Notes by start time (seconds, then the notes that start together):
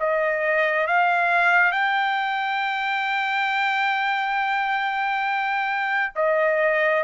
0.00 D#5
0.87 F5
1.72 G5
6.16 D#5